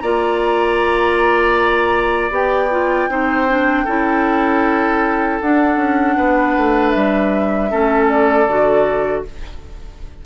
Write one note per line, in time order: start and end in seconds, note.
0.00 2.31 A#3
0.00 2.31 F4
0.00 3.10 D5
0.00 2.31 A#5
2.31 3.08 B3
2.31 2.69 G4
2.31 5.41 G5
2.71 3.09 F4
3.09 3.86 C4
3.09 3.47 D#4
3.09 3.85 C5
3.48 3.87 D4
3.85 5.41 C#4
3.85 5.41 E4
3.85 6.15 A4
5.41 5.76 D4
5.41 7.70 D4
5.41 6.90 F#5
5.76 6.15 C#4
6.17 6.56 B3
6.17 7.71 B4
6.57 6.95 A3
6.90 7.72 G3
6.90 8.06 E5
7.70 8.47 A3
7.70 8.47 C#4
7.70 9.25 A4
8.09 9.24 D5
8.47 9.24 D3
8.47 9.25 F#4